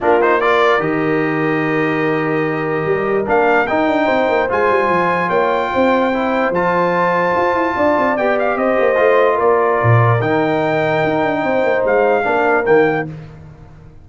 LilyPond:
<<
  \new Staff \with { instrumentName = "trumpet" } { \time 4/4 \tempo 4 = 147 ais'8 c''8 d''4 dis''2~ | dis''1 | f''4 g''2 gis''4~ | gis''4 g''2. |
a''1 | g''8 f''8 dis''2 d''4~ | d''4 g''2.~ | g''4 f''2 g''4 | }
  \new Staff \with { instrumentName = "horn" } { \time 4/4 f'4 ais'2.~ | ais'1~ | ais'2 c''2~ | c''4 cis''4 c''2~ |
c''2. d''4~ | d''4 c''2 ais'4~ | ais'1 | c''2 ais'2 | }
  \new Staff \with { instrumentName = "trombone" } { \time 4/4 d'8 dis'8 f'4 g'2~ | g'1 | d'4 dis'2 f'4~ | f'2. e'4 |
f'1 | g'2 f'2~ | f'4 dis'2.~ | dis'2 d'4 ais4 | }
  \new Staff \with { instrumentName = "tuba" } { \time 4/4 ais2 dis2~ | dis2. g4 | ais4 dis'8 d'8 c'8 ais8 gis8 g8 | f4 ais4 c'2 |
f2 f'8 e'8 d'8 c'8 | b4 c'8 ais8 a4 ais4 | ais,4 dis2 dis'8 d'8 | c'8 ais8 gis4 ais4 dis4 | }
>>